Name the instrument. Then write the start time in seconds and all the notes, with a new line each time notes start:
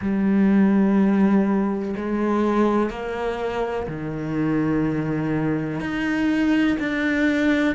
cello
0.01 G3
1.96 G#3
2.89 A#3
3.87 D#3
5.80 D#4
6.79 D4